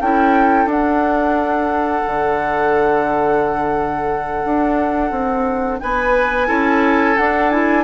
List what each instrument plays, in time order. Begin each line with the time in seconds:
0.00 bassoon C#4, clarinet E4, oboe A4, flute G5
0.65 bassoon D4, clarinet D4, flute F#5
2.07 bassoon D3
4.44 bassoon D4
5.11 bassoon C4
5.80 bassoon B3, oboe B4, flute G#5
6.46 bassoon C#4, clarinet E4, oboe A4
7.17 bassoon D4, clarinet D4, flute F#5
7.50 clarinet E4, flute G#5